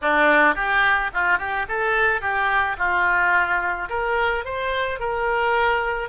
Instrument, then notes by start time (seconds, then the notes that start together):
oboe
0.01 D4
0.55 G4
1.13 F4
1.38 G4
1.68 A4
2.21 G4
2.78 F4
3.89 A#4
4.44 C5
4.99 A#4